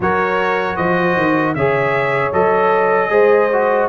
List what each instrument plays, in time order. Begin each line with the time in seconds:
0.00 tuba F#3, trombone F#4, horn A#4, trumpet C#5
0.76 tuba F3, horn C5, trumpet D#5
1.16 tuba D#3
1.54 tuba C#3, trombone G#4, horn C#5, trumpet E5
2.32 tuba F#3, trombone A4, trumpet D#5
3.10 tuba G#3, trombone G#4, horn C5
3.52 trombone F#4